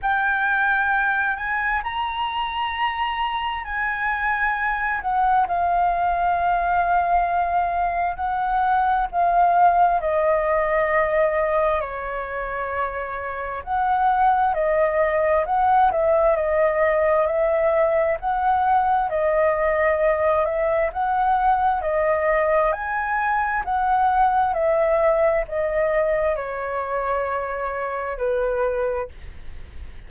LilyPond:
\new Staff \with { instrumentName = "flute" } { \time 4/4 \tempo 4 = 66 g''4. gis''8 ais''2 | gis''4. fis''8 f''2~ | f''4 fis''4 f''4 dis''4~ | dis''4 cis''2 fis''4 |
dis''4 fis''8 e''8 dis''4 e''4 | fis''4 dis''4. e''8 fis''4 | dis''4 gis''4 fis''4 e''4 | dis''4 cis''2 b'4 | }